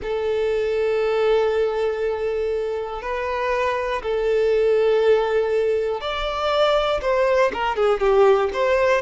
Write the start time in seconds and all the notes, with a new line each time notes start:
0.02 A4
3.02 B4
4.02 A4
6.00 D5
7.01 C5
7.53 A#4
7.75 G#4
8.00 G4
8.53 C5